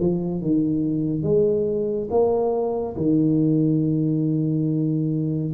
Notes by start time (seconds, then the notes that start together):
0.00 F3
0.41 D#3
1.23 G#3
2.11 A#3
2.97 D#3